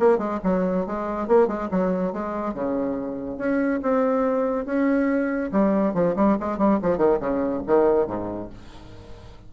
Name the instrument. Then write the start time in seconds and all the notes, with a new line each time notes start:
bassoon
0.00 A#3
0.18 G#3
0.44 F#3
0.87 G#3
1.28 A#3
1.48 G#3
1.72 F#3
2.13 G#3
2.54 C#3
3.38 C#4
3.83 C4
4.66 C#4
5.53 G3
5.95 F3
6.16 G3
6.40 G#3
6.58 G3
6.83 F3
6.98 D#3
7.20 C#3
7.67 D#3
8.08 G#2